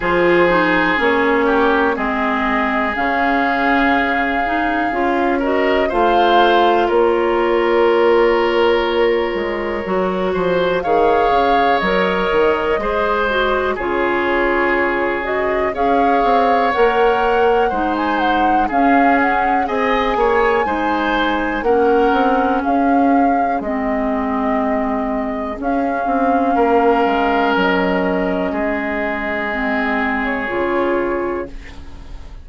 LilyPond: <<
  \new Staff \with { instrumentName = "flute" } { \time 4/4 \tempo 4 = 61 c''4 cis''4 dis''4 f''4~ | f''4. dis''8 f''4 cis''4~ | cis''2. f''4 | dis''2 cis''4. dis''8 |
f''4 fis''4~ fis''16 gis''16 fis''8 f''8 fis''8 | gis''2 fis''4 f''4 | dis''2 f''2 | dis''2~ dis''8. cis''4~ cis''16 | }
  \new Staff \with { instrumentName = "oboe" } { \time 4/4 gis'4. g'8 gis'2~ | gis'4. ais'8 c''4 ais'4~ | ais'2~ ais'8 c''8 cis''4~ | cis''4 c''4 gis'2 |
cis''2 c''4 gis'4 | dis''8 cis''8 c''4 ais'4 gis'4~ | gis'2. ais'4~ | ais'4 gis'2. | }
  \new Staff \with { instrumentName = "clarinet" } { \time 4/4 f'8 dis'8 cis'4 c'4 cis'4~ | cis'8 dis'8 f'8 fis'8 f'2~ | f'2 fis'4 gis'4 | ais'4 gis'8 fis'8 f'4. fis'8 |
gis'4 ais'4 dis'4 cis'4 | gis'4 dis'4 cis'2 | c'2 cis'2~ | cis'2 c'4 f'4 | }
  \new Staff \with { instrumentName = "bassoon" } { \time 4/4 f4 ais4 gis4 cis4~ | cis4 cis'4 a4 ais4~ | ais4. gis8 fis8 f8 dis8 cis8 | fis8 dis8 gis4 cis2 |
cis'8 c'8 ais4 gis4 cis'4 | c'8 ais8 gis4 ais8 c'8 cis'4 | gis2 cis'8 c'8 ais8 gis8 | fis4 gis2 cis4 | }
>>